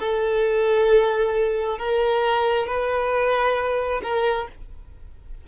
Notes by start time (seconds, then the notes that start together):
0.00 A4
1.79 A#4
2.67 B4
4.03 A#4